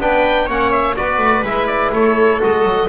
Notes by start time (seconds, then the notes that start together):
0.00 B3 D4 B4 G5
0.46 A#3 C#4 C#5 F#5
0.72 E5
0.96 B3 F#4 B4 D5
1.18 A3
1.43 G#3 E4 E5
1.67 D5
1.93 A3 A4 C#5
2.41 G#3 F#4 D#5
2.63 F#3